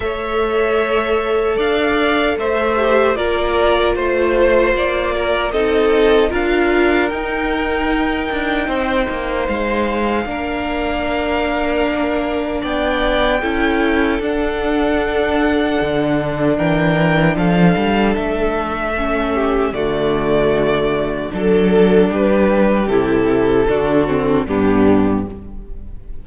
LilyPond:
<<
  \new Staff \with { instrumentName = "violin" } { \time 4/4 \tempo 4 = 76 e''2 f''4 e''4 | d''4 c''4 d''4 dis''4 | f''4 g''2. | f''1 |
g''2 fis''2~ | fis''4 g''4 f''4 e''4~ | e''4 d''2 a'4 | b'4 a'2 g'4 | }
  \new Staff \with { instrumentName = "violin" } { \time 4/4 cis''2 d''4 c''4 | ais'4 c''4. ais'8 a'4 | ais'2. c''4~ | c''4 ais'2. |
d''4 a'2.~ | a'4 ais'4 a'2~ | a'8 g'8 fis'2 a'4 | g'2 fis'4 d'4 | }
  \new Staff \with { instrumentName = "viola" } { \time 4/4 a'2.~ a'8 g'8 | f'2. dis'4 | f'4 dis'2.~ | dis'4 d'2.~ |
d'4 e'4 d'2~ | d'1 | cis'4 a2 d'4~ | d'4 e'4 d'8 c'8 b4 | }
  \new Staff \with { instrumentName = "cello" } { \time 4/4 a2 d'4 a4 | ais4 a4 ais4 c'4 | d'4 dis'4. d'8 c'8 ais8 | gis4 ais2. |
b4 cis'4 d'2 | d4 e4 f8 g8 a4~ | a4 d2 fis4 | g4 c4 d4 g,4 | }
>>